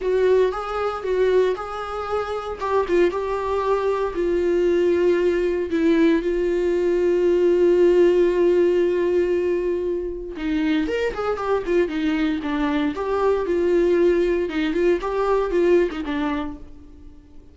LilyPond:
\new Staff \with { instrumentName = "viola" } { \time 4/4 \tempo 4 = 116 fis'4 gis'4 fis'4 gis'4~ | gis'4 g'8 f'8 g'2 | f'2. e'4 | f'1~ |
f'1 | dis'4 ais'8 gis'8 g'8 f'8 dis'4 | d'4 g'4 f'2 | dis'8 f'8 g'4 f'8. dis'16 d'4 | }